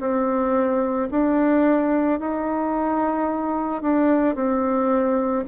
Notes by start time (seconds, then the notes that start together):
0.00 C4
1.11 D4
2.20 D#4
3.82 D4
4.35 C4